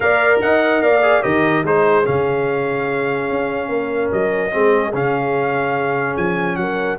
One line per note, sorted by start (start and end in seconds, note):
0.00 0.41 A#3
0.00 1.01 A#4
0.00 0.42 D5
0.00 0.39 F5
0.41 0.82 D#4
0.41 0.83 D#5
0.41 0.82 F#5
0.82 1.23 A#3
0.82 1.23 D5
0.82 1.22 F5
1.01 1.22 G#4
1.22 1.63 D#3
1.22 1.63 G4
1.22 1.64 A#4
1.22 1.64 D#5
1.63 2.04 G#3
1.63 2.04 D#4
1.63 3.71 G#4
1.63 2.06 C5
2.04 3.30 C#3
2.04 4.50 C#4
2.04 4.11 F5
3.30 3.68 C#4
3.68 4.09 A#3
3.68 4.53 A#4
4.12 4.53 F#3
4.12 4.94 D#5
4.51 4.93 G#3
4.51 4.92 C4
4.51 6.58 G#4
4.93 6.16 C#3
4.93 6.98 C#4
4.93 6.17 F5
6.17 6.56 F3
6.17 6.56 G#5
6.56 6.97 F#3
6.56 6.98 A#4
6.56 6.97 F#5